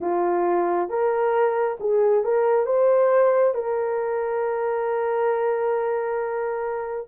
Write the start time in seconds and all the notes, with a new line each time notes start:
0.00 F4
0.89 A#4
1.79 G#4
2.23 A#4
2.66 C5
3.54 A#4